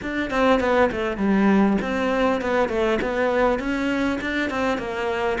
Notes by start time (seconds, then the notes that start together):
0.02 D4
0.30 C4
0.59 B3
0.91 A3
1.17 G3
1.81 C4
2.41 B3
2.68 A3
3.01 B3
3.59 C#4
4.20 D4
4.49 C4
4.78 A#3